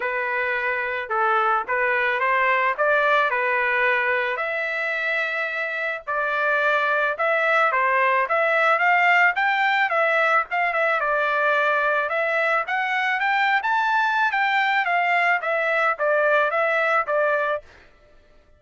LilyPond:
\new Staff \with { instrumentName = "trumpet" } { \time 4/4 \tempo 4 = 109 b'2 a'4 b'4 | c''4 d''4 b'2 | e''2. d''4~ | d''4 e''4 c''4 e''4 |
f''4 g''4 e''4 f''8 e''8 | d''2 e''4 fis''4 | g''8. a''4~ a''16 g''4 f''4 | e''4 d''4 e''4 d''4 | }